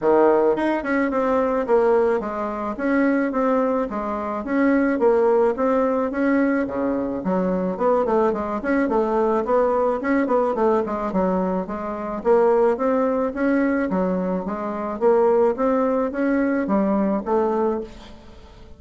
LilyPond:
\new Staff \with { instrumentName = "bassoon" } { \time 4/4 \tempo 4 = 108 dis4 dis'8 cis'8 c'4 ais4 | gis4 cis'4 c'4 gis4 | cis'4 ais4 c'4 cis'4 | cis4 fis4 b8 a8 gis8 cis'8 |
a4 b4 cis'8 b8 a8 gis8 | fis4 gis4 ais4 c'4 | cis'4 fis4 gis4 ais4 | c'4 cis'4 g4 a4 | }